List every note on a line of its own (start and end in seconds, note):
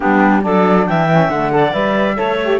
0.00 0.45 G3
0.00 0.41 B3
0.00 0.43 D4
0.00 0.42 G4
0.41 0.89 F#3
0.41 1.07 D4
0.41 0.87 A4
0.41 0.86 D5
0.86 1.29 E3
0.86 1.54 E5
0.86 1.30 G5
1.11 1.32 C#4
1.29 1.72 D3
1.29 1.51 A3
1.29 1.73 F#5
1.51 1.72 A4
1.51 2.17 D5
1.72 2.17 G3
1.72 2.15 B4
1.72 2.59 E5
2.16 2.59 A3
2.16 2.37 A4
2.16 2.59 C#5
2.44 2.59 G4